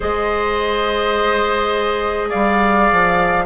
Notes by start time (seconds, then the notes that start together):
0.00 G#3 G#4 C5 D#5
2.29 G3 D5 F5
2.91 F3